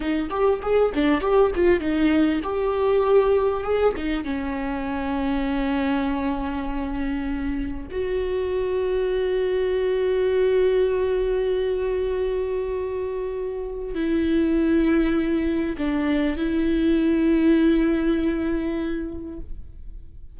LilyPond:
\new Staff \with { instrumentName = "viola" } { \time 4/4 \tempo 4 = 99 dis'8 g'8 gis'8 d'8 g'8 f'8 dis'4 | g'2 gis'8 dis'8 cis'4~ | cis'1~ | cis'4 fis'2.~ |
fis'1~ | fis'2. e'4~ | e'2 d'4 e'4~ | e'1 | }